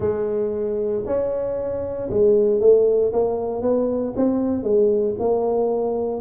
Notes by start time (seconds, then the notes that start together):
0.00 G#3
1.06 C#4
2.09 G#3
2.60 A3
3.12 A#3
3.61 B3
4.16 C4
4.63 G#3
5.19 A#3